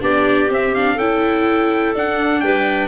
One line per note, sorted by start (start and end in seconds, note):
0.00 0.49 B3
0.00 0.48 D4
0.00 0.95 G4
0.00 0.50 D5
0.49 0.97 C4
0.49 0.74 C4
0.49 0.74 E5
0.74 0.99 D4
0.74 0.98 F5
0.95 1.93 C#4
0.95 1.95 E4
0.95 2.39 A4
0.95 1.94 G5
1.94 2.42 D4
1.94 2.87 D4
1.94 2.40 F#5
2.40 2.87 G3
2.40 2.87 B4
2.40 2.87 G5